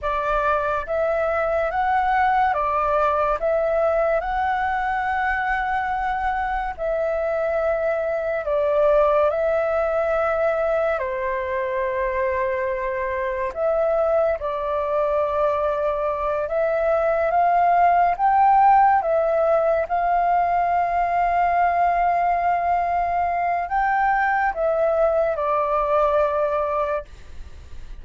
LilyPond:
\new Staff \with { instrumentName = "flute" } { \time 4/4 \tempo 4 = 71 d''4 e''4 fis''4 d''4 | e''4 fis''2. | e''2 d''4 e''4~ | e''4 c''2. |
e''4 d''2~ d''8 e''8~ | e''8 f''4 g''4 e''4 f''8~ | f''1 | g''4 e''4 d''2 | }